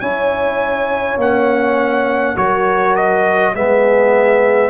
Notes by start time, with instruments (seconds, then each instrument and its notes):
0.00 tuba C#4, trombone E4, horn C#5, trumpet G#5
1.17 tuba A#3, trombone C#4, trumpet F#5
2.36 tuba F#3, trombone F#4, horn A#4, trumpet C#5
2.96 trumpet D#5
3.54 tuba G#3, trombone B3, horn G#4, trumpet E5